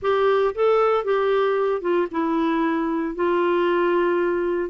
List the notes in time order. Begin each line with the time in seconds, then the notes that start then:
0.02 G4
0.55 A4
1.04 G4
1.81 F4
2.11 E4
3.15 F4